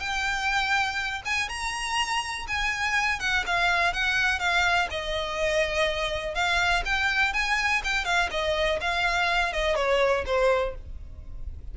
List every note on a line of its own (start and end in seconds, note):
0.00 1.22 G5
1.25 1.49 G#5
1.49 2.46 A#5
2.47 3.20 G#5
3.20 3.44 F#5
3.46 3.93 F5
3.93 4.39 F#5
4.39 4.88 F5
4.90 6.34 D#5
6.34 6.83 F5
6.85 7.33 G5
7.33 7.82 G#5
7.84 8.04 G5
8.04 8.29 F5
8.31 8.79 D#5
8.80 9.53 F5
9.53 9.76 D#5
9.76 10.24 C#5
10.26 10.75 C5